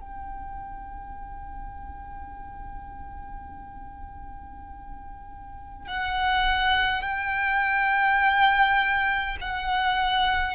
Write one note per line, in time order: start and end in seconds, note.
0.00 5.88 G5
5.88 7.02 F#5
7.02 9.37 G5
9.42 10.56 F#5